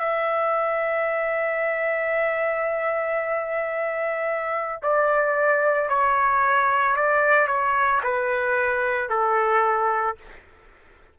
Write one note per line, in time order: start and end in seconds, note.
0.00 4.82 E5
4.83 5.90 D5
5.90 6.96 C#5
6.96 7.48 D5
7.48 8.02 C#5
8.04 9.10 B4
9.10 10.17 A4